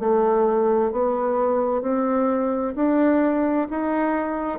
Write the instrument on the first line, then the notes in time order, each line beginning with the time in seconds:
bassoon
0.00 A3
0.92 B3
1.83 C4
2.76 D4
3.70 D#4